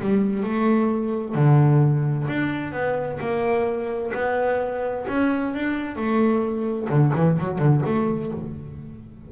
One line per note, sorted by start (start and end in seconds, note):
0.00 0.43 G3
0.43 1.35 A3
1.35 2.27 D3
2.28 2.73 D4
2.73 3.19 B3
3.20 4.12 A#3
4.14 5.06 B3
5.08 5.54 C#4
5.54 5.96 D4
5.96 6.88 A3
6.89 7.12 D3
7.15 7.38 E3
7.39 7.58 F#3
7.58 7.81 D3
7.85 8.32 A3